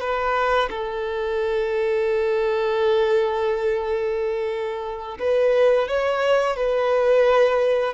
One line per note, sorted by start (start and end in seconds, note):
0.00 0.69 B4
0.70 5.18 A4
5.19 5.87 B4
5.87 6.56 C#5
6.56 7.93 B4